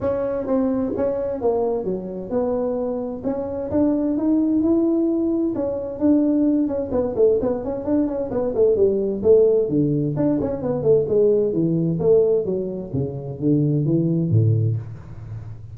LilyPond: \new Staff \with { instrumentName = "tuba" } { \time 4/4 \tempo 4 = 130 cis'4 c'4 cis'4 ais4 | fis4 b2 cis'4 | d'4 dis'4 e'2 | cis'4 d'4. cis'8 b8 a8 |
b8 cis'8 d'8 cis'8 b8 a8 g4 | a4 d4 d'8 cis'8 b8 a8 | gis4 e4 a4 fis4 | cis4 d4 e4 a,4 | }